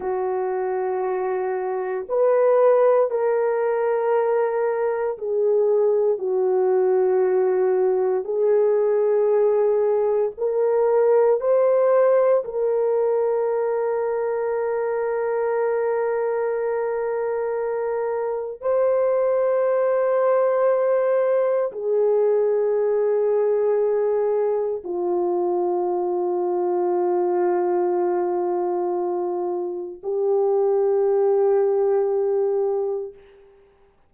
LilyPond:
\new Staff \with { instrumentName = "horn" } { \time 4/4 \tempo 4 = 58 fis'2 b'4 ais'4~ | ais'4 gis'4 fis'2 | gis'2 ais'4 c''4 | ais'1~ |
ais'2 c''2~ | c''4 gis'2. | f'1~ | f'4 g'2. | }